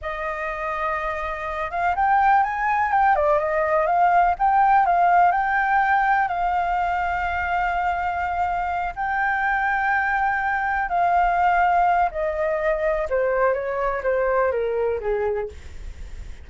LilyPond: \new Staff \with { instrumentName = "flute" } { \time 4/4 \tempo 4 = 124 dis''2.~ dis''8 f''8 | g''4 gis''4 g''8 d''8 dis''4 | f''4 g''4 f''4 g''4~ | g''4 f''2.~ |
f''2~ f''8 g''4.~ | g''2~ g''8 f''4.~ | f''4 dis''2 c''4 | cis''4 c''4 ais'4 gis'4 | }